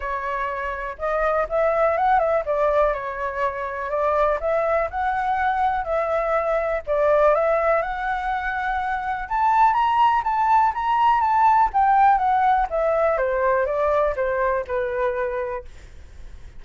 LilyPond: \new Staff \with { instrumentName = "flute" } { \time 4/4 \tempo 4 = 123 cis''2 dis''4 e''4 | fis''8 e''8 d''4 cis''2 | d''4 e''4 fis''2 | e''2 d''4 e''4 |
fis''2. a''4 | ais''4 a''4 ais''4 a''4 | g''4 fis''4 e''4 c''4 | d''4 c''4 b'2 | }